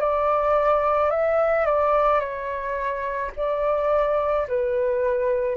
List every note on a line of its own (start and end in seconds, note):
0.00 1.10 D5
1.10 1.65 E5
1.65 2.20 D5
2.20 3.31 C#5
3.36 4.47 D5
4.47 5.56 B4